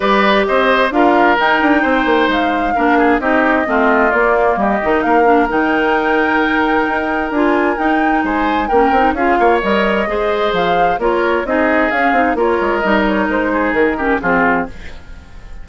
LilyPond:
<<
  \new Staff \with { instrumentName = "flute" } { \time 4/4 \tempo 4 = 131 d''4 dis''4 f''4 g''4~ | g''4 f''2 dis''4~ | dis''4 d''4 dis''4 f''4 | g''1 |
gis''4 g''4 gis''4 g''4 | f''4 dis''2 f''4 | cis''4 dis''4 f''4 cis''4 | dis''8 cis''8 c''4 ais'4 gis'4 | }
  \new Staff \with { instrumentName = "oboe" } { \time 4/4 b'4 c''4 ais'2 | c''2 ais'8 gis'8 g'4 | f'2 g'4 ais'4~ | ais'1~ |
ais'2 c''4 ais'4 | gis'8 cis''4. c''2 | ais'4 gis'2 ais'4~ | ais'4. gis'4 g'8 f'4 | }
  \new Staff \with { instrumentName = "clarinet" } { \time 4/4 g'2 f'4 dis'4~ | dis'2 d'4 dis'4 | c'4 ais4. dis'4 d'8 | dis'1 |
f'4 dis'2 cis'8 dis'8 | f'4 ais'4 gis'2 | f'4 dis'4 cis'8 dis'8 f'4 | dis'2~ dis'8 cis'8 c'4 | }
  \new Staff \with { instrumentName = "bassoon" } { \time 4/4 g4 c'4 d'4 dis'8 d'8 | c'8 ais8 gis4 ais4 c'4 | a4 ais4 g8 dis8 ais4 | dis2. dis'4 |
d'4 dis'4 gis4 ais8 c'8 | cis'8 ais8 g4 gis4 f4 | ais4 c'4 cis'8 c'8 ais8 gis8 | g4 gis4 dis4 f4 | }
>>